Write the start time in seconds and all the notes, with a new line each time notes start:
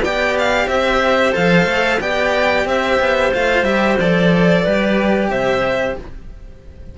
0.00 B3 G4 D5 G5
0.39 F5
0.67 C4 C5 E5
1.32 F3 A4 F5
1.65 A3
2.00 B3 G4 D5 G5
2.65 C4 C5 E5
3.00 B3
3.33 A3 F4 F5
3.63 G3 G4 E5
3.99 F3 A4 D5
4.62 G3 G4 B4
5.28 C3 C5 E5